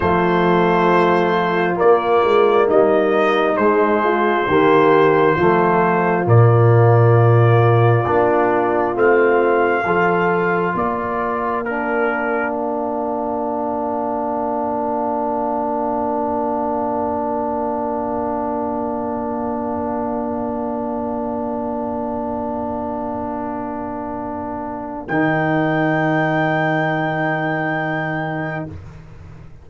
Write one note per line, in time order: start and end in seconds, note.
0.00 1.79 F3
0.00 1.74 A3
0.00 2.67 F4
0.00 1.76 C5
1.74 3.54 A#3
1.74 2.68 D5
1.81 2.24 A#3
2.24 2.68 G#3
2.67 3.57 G3
2.67 4.01 D#4
2.67 3.56 D#5
3.56 4.46 G#3
3.56 4.47 G#3
3.56 6.25 C5
4.04 4.48 F4
4.46 5.36 D#3
4.46 5.37 A#3
4.46 5.35 G4
5.35 6.26 F3
5.35 6.25 A3
5.35 9.83 F4
6.25 8.05 A#2
6.25 8.04 A#3
6.25 8.97 D5
8.05 8.95 A#3
8.05 8.94 D4
8.94 9.84 A3
8.94 9.83 C4
8.94 10.76 F5
9.84 10.74 F3
9.84 11.65 F4
9.84 10.75 A4
10.74 25.07 A#3
10.74 28.66 A#4
10.74 11.64 D5
11.64 25.08 D4
11.64 12.52 A#4
12.52 25.06 F5
25.07 28.65 D#3
25.07 28.70 D#4
25.07 28.66 G5